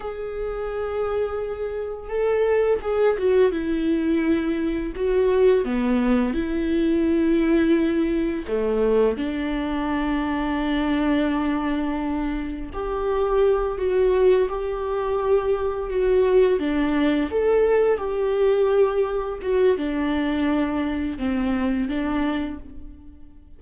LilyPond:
\new Staff \with { instrumentName = "viola" } { \time 4/4 \tempo 4 = 85 gis'2. a'4 | gis'8 fis'8 e'2 fis'4 | b4 e'2. | a4 d'2.~ |
d'2 g'4. fis'8~ | fis'8 g'2 fis'4 d'8~ | d'8 a'4 g'2 fis'8 | d'2 c'4 d'4 | }